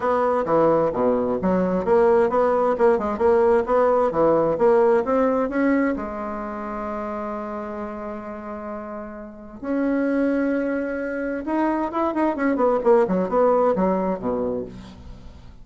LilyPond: \new Staff \with { instrumentName = "bassoon" } { \time 4/4 \tempo 4 = 131 b4 e4 b,4 fis4 | ais4 b4 ais8 gis8 ais4 | b4 e4 ais4 c'4 | cis'4 gis2.~ |
gis1~ | gis4 cis'2.~ | cis'4 dis'4 e'8 dis'8 cis'8 b8 | ais8 fis8 b4 fis4 b,4 | }